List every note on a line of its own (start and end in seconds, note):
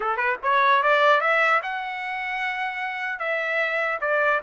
0.00 0.16 A4
0.16 0.36 B4
0.42 0.82 C#5
0.82 1.20 D5
1.20 1.60 E5
1.63 3.19 F#5
3.19 3.99 E5
4.00 4.40 D5